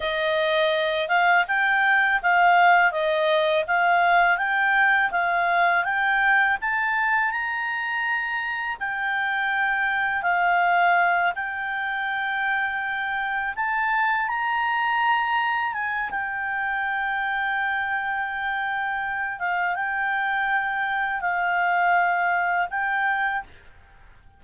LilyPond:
\new Staff \with { instrumentName = "clarinet" } { \time 4/4 \tempo 4 = 82 dis''4. f''8 g''4 f''4 | dis''4 f''4 g''4 f''4 | g''4 a''4 ais''2 | g''2 f''4. g''8~ |
g''2~ g''8 a''4 ais''8~ | ais''4. gis''8 g''2~ | g''2~ g''8 f''8 g''4~ | g''4 f''2 g''4 | }